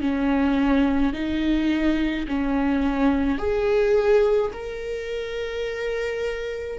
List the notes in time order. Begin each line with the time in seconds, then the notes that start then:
0.00 C#4
1.13 D#4
2.27 C#4
3.38 G#4
4.53 A#4